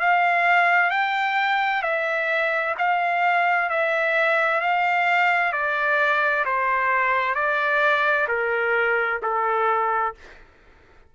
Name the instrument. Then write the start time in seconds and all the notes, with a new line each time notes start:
trumpet
0.00 F5
0.91 G5
1.83 E5
2.79 F5
3.70 E5
4.61 F5
5.53 D5
6.45 C5
7.35 D5
8.28 A#4
9.23 A4